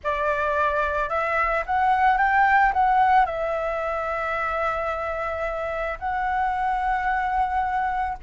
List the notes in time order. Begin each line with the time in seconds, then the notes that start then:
0.03 D5
1.09 E5
1.65 F#5
2.17 G5
2.73 F#5
3.25 E5
5.99 F#5